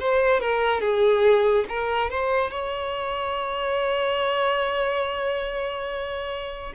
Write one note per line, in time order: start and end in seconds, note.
0.00 0.40 C5
0.40 0.81 A#4
0.81 1.66 G#4
1.69 2.10 A#4
2.10 2.51 C5
2.51 6.73 C#5